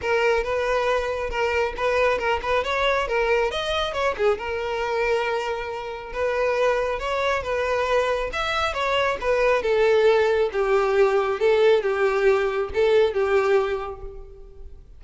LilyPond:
\new Staff \with { instrumentName = "violin" } { \time 4/4 \tempo 4 = 137 ais'4 b'2 ais'4 | b'4 ais'8 b'8 cis''4 ais'4 | dis''4 cis''8 gis'8 ais'2~ | ais'2 b'2 |
cis''4 b'2 e''4 | cis''4 b'4 a'2 | g'2 a'4 g'4~ | g'4 a'4 g'2 | }